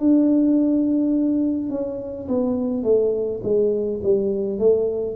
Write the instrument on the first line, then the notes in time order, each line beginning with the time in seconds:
tuba
0.00 D4
1.70 C#4
2.28 B3
2.83 A3
3.44 G#3
4.03 G3
4.59 A3